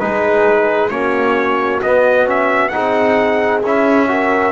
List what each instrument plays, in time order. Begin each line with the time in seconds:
0.00 double bass G#3, trombone D#4, horn G#4, trumpet B4
0.90 double bass A#3, trombone C#4, horn F#4, trumpet C#5
1.82 double bass B3, trombone B3, trumpet D#5
2.26 trombone C#4, trumpet E5
2.69 trombone D#4, horn G#4, trumpet F#5
2.76 double bass C4
3.63 double bass C#4, trombone E4, trumpet E5
4.08 trombone F#4, horn A#4